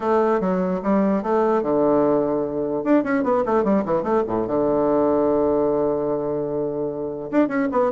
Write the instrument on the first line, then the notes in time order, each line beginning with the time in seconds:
bassoon
0.00 A3
0.40 F#3
0.82 G3
1.22 A3
1.62 D3
2.83 D4
3.03 C#4
3.23 B3
3.45 A3
3.64 G3
3.85 E3
4.02 A3
4.27 A2
4.47 D3
7.31 D4
7.48 C#4
7.71 B3